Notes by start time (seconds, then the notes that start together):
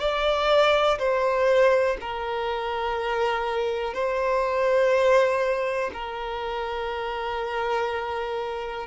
0.00 D5
0.99 C5
2.01 A#4
3.94 C5
5.93 A#4